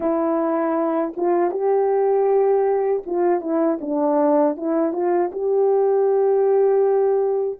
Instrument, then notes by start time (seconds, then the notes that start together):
horn
0.00 E4
1.16 F4
1.50 G4
3.06 F4
3.40 E4
3.80 D4
4.56 E4
4.92 F4
5.32 G4